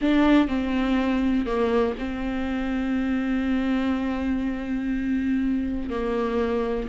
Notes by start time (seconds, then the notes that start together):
0.01 D4
0.48 C4
1.46 A#3
1.98 C4
5.89 A#3